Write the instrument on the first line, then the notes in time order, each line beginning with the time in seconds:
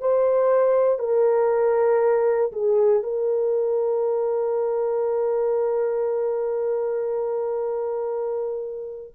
horn
0.00 C5
0.99 A#4
2.52 G#4
3.03 A#4